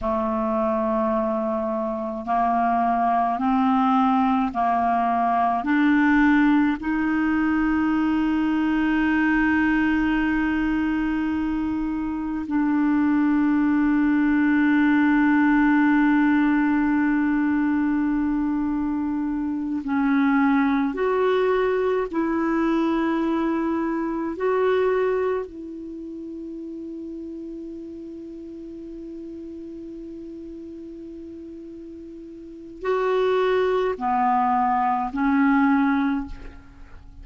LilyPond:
\new Staff \with { instrumentName = "clarinet" } { \time 4/4 \tempo 4 = 53 a2 ais4 c'4 | ais4 d'4 dis'2~ | dis'2. d'4~ | d'1~ |
d'4. cis'4 fis'4 e'8~ | e'4. fis'4 e'4.~ | e'1~ | e'4 fis'4 b4 cis'4 | }